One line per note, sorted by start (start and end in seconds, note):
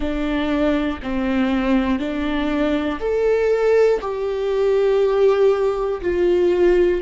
0.00 1.00 D4
1.02 1.99 C4
1.99 2.99 D4
3.00 4.00 A4
4.00 6.00 G4
6.00 7.00 F4